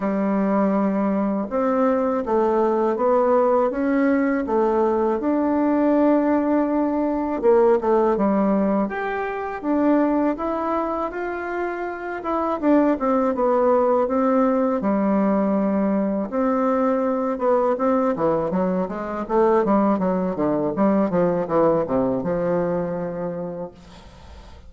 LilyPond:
\new Staff \with { instrumentName = "bassoon" } { \time 4/4 \tempo 4 = 81 g2 c'4 a4 | b4 cis'4 a4 d'4~ | d'2 ais8 a8 g4 | g'4 d'4 e'4 f'4~ |
f'8 e'8 d'8 c'8 b4 c'4 | g2 c'4. b8 | c'8 e8 fis8 gis8 a8 g8 fis8 d8 | g8 f8 e8 c8 f2 | }